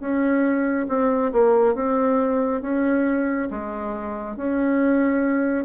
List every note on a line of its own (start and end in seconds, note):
0.00 0.87 C#4
0.89 1.32 C4
1.33 1.75 A#3
1.75 2.62 C4
2.62 3.49 C#4
3.51 4.36 G#3
4.36 5.65 C#4